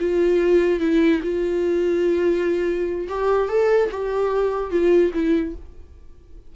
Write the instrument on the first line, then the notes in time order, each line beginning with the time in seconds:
viola
0.00 F4
0.80 E4
1.23 F4
3.09 G4
3.49 A4
3.91 G4
4.71 F4
5.14 E4